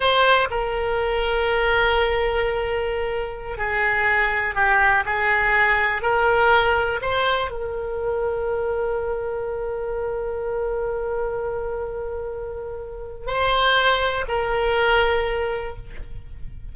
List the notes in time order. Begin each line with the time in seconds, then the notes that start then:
0.00 C5
0.50 A#4
3.57 G#4
4.54 G4
5.05 G#4
6.01 A#4
7.01 C5
7.50 A#4
13.27 C5
14.28 A#4